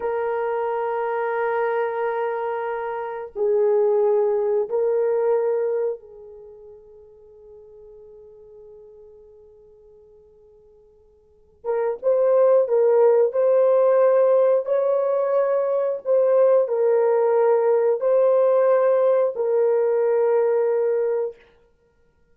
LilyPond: \new Staff \with { instrumentName = "horn" } { \time 4/4 \tempo 4 = 90 ais'1~ | ais'4 gis'2 ais'4~ | ais'4 gis'2.~ | gis'1~ |
gis'4. ais'8 c''4 ais'4 | c''2 cis''2 | c''4 ais'2 c''4~ | c''4 ais'2. | }